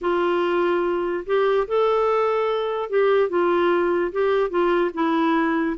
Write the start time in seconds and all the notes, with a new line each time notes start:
0.01 F4
1.26 G4
1.67 A4
2.89 G4
3.29 F4
4.12 G4
4.49 F4
4.94 E4